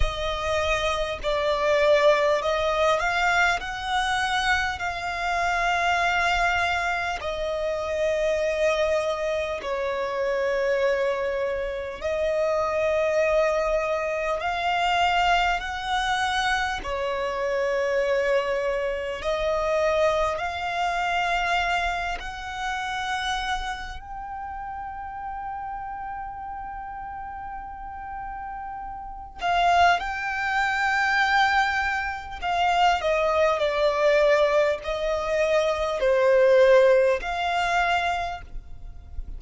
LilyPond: \new Staff \with { instrumentName = "violin" } { \time 4/4 \tempo 4 = 50 dis''4 d''4 dis''8 f''8 fis''4 | f''2 dis''2 | cis''2 dis''2 | f''4 fis''4 cis''2 |
dis''4 f''4. fis''4. | g''1~ | g''8 f''8 g''2 f''8 dis''8 | d''4 dis''4 c''4 f''4 | }